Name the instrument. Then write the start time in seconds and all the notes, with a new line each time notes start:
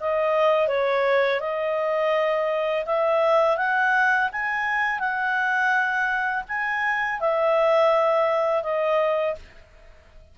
clarinet
0.00 D#5
0.68 C#5
1.40 D#5
2.86 E5
3.57 F#5
4.32 G#5
4.99 F#5
6.48 G#5
7.20 E5
8.63 D#5